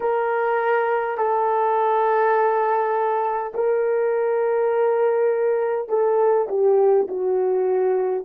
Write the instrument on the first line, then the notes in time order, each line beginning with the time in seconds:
horn
0.00 A#4
1.17 A4
3.54 A#4
5.88 A4
6.48 G4
7.07 F#4